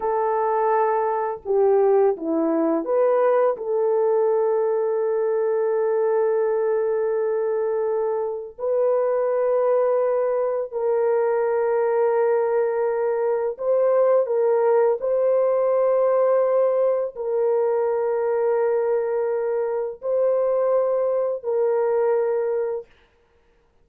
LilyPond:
\new Staff \with { instrumentName = "horn" } { \time 4/4 \tempo 4 = 84 a'2 g'4 e'4 | b'4 a'2.~ | a'1 | b'2. ais'4~ |
ais'2. c''4 | ais'4 c''2. | ais'1 | c''2 ais'2 | }